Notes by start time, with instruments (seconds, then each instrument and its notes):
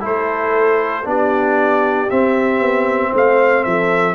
0.00 tuba A3, trombone E4, horn A4, trumpet C5
1.04 tuba B3, trombone D4, horn G4, trumpet D5
2.10 tuba C4, trombone C4, trumpet E5
2.60 tuba B3
3.11 tuba A3, horn C5, trumpet F5
3.63 tuba F3, horn A4, trumpet E5